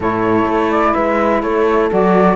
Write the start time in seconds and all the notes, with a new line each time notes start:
0.00 A2 E4 A4 C#5
0.45 A3
0.71 D5
0.93 G#3 B4 E5
1.42 A3 A4 C#5
1.90 F#3 F#4 D5